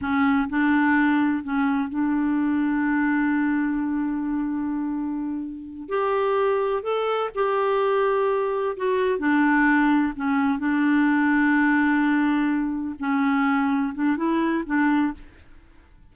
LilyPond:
\new Staff \with { instrumentName = "clarinet" } { \time 4/4 \tempo 4 = 127 cis'4 d'2 cis'4 | d'1~ | d'1~ | d'8 g'2 a'4 g'8~ |
g'2~ g'8 fis'4 d'8~ | d'4. cis'4 d'4.~ | d'2.~ d'8 cis'8~ | cis'4. d'8 e'4 d'4 | }